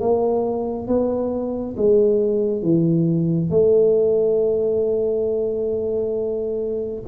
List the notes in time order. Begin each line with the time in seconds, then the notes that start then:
0.00 A#3
0.87 B3
1.77 G#3
2.62 E3
3.50 A3